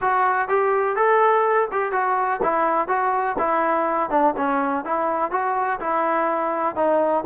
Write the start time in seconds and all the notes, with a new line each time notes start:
0.01 F#4
0.48 G4
0.96 A4
1.71 G4
1.92 F#4
2.42 E4
2.88 F#4
3.38 E4
4.10 D4
4.36 C#4
4.84 E4
5.31 F#4
5.80 E4
6.75 D#4